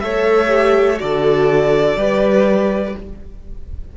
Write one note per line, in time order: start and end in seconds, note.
0.00 1.01 A3
0.00 0.48 A4
0.00 1.02 C#5
0.00 0.98 E5
0.48 0.97 G4
0.98 1.96 D3
0.98 1.96 F#4
0.98 1.99 A4
0.98 2.96 D5
1.96 2.94 G3
1.96 2.96 G4
1.96 2.97 B4